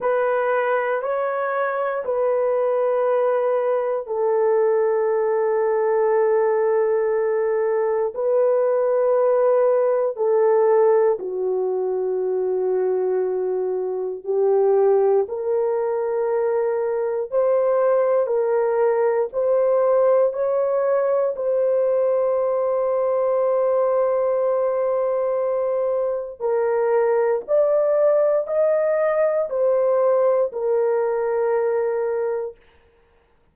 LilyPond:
\new Staff \with { instrumentName = "horn" } { \time 4/4 \tempo 4 = 59 b'4 cis''4 b'2 | a'1 | b'2 a'4 fis'4~ | fis'2 g'4 ais'4~ |
ais'4 c''4 ais'4 c''4 | cis''4 c''2.~ | c''2 ais'4 d''4 | dis''4 c''4 ais'2 | }